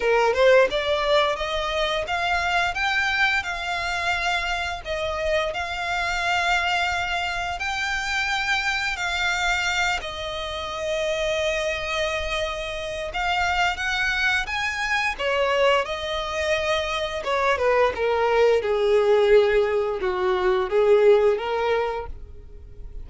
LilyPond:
\new Staff \with { instrumentName = "violin" } { \time 4/4 \tempo 4 = 87 ais'8 c''8 d''4 dis''4 f''4 | g''4 f''2 dis''4 | f''2. g''4~ | g''4 f''4. dis''4.~ |
dis''2. f''4 | fis''4 gis''4 cis''4 dis''4~ | dis''4 cis''8 b'8 ais'4 gis'4~ | gis'4 fis'4 gis'4 ais'4 | }